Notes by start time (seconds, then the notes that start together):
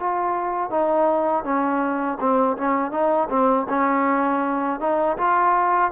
0.00 F4
0.71 D#4
1.44 C#4
2.21 C4
2.58 C#4
2.92 D#4
3.30 C4
3.70 C#4
4.80 D#4
5.18 F4